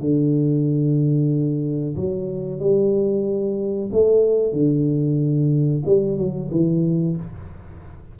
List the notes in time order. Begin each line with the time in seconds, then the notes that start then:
0.00 D3
1.96 F#3
2.60 G3
3.92 A3
4.52 D3
5.85 G3
6.17 F#3
6.51 E3